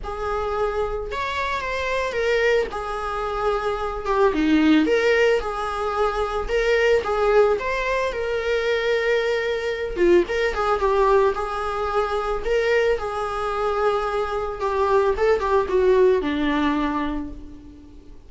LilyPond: \new Staff \with { instrumentName = "viola" } { \time 4/4 \tempo 4 = 111 gis'2 cis''4 c''4 | ais'4 gis'2~ gis'8 g'8 | dis'4 ais'4 gis'2 | ais'4 gis'4 c''4 ais'4~ |
ais'2~ ais'8 f'8 ais'8 gis'8 | g'4 gis'2 ais'4 | gis'2. g'4 | a'8 g'8 fis'4 d'2 | }